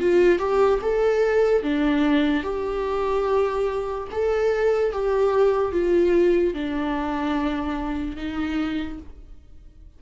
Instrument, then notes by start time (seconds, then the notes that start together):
viola
0.00 F4
0.39 G4
0.81 A4
1.63 D4
2.43 G4
4.12 A4
4.92 G4
5.72 F4
6.54 D4
8.17 D#4